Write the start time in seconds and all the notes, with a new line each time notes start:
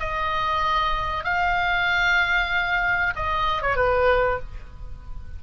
0.00 D#5
1.24 F5
3.16 D#5
3.62 C#5
3.76 B4